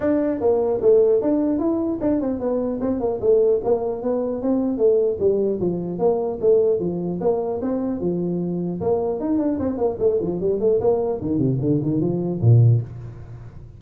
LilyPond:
\new Staff \with { instrumentName = "tuba" } { \time 4/4 \tempo 4 = 150 d'4 ais4 a4 d'4 | e'4 d'8 c'8 b4 c'8 ais8 | a4 ais4 b4 c'4 | a4 g4 f4 ais4 |
a4 f4 ais4 c'4 | f2 ais4 dis'8 d'8 | c'8 ais8 a8 f8 g8 a8 ais4 | dis8 c8 d8 dis8 f4 ais,4 | }